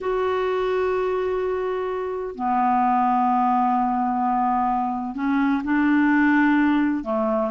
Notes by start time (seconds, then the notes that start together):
0.00 F#4
2.35 B3
5.15 C#4
5.64 D4
7.04 A3